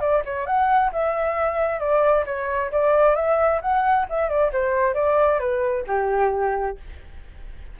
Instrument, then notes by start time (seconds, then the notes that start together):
flute
0.00 D5
0.25 C#5
0.46 F#5
0.92 E5
1.79 D5
2.26 C#5
2.71 D5
3.15 E5
3.61 F#5
4.09 E5
4.29 D5
4.52 C5
4.94 D5
5.39 B4
5.87 G4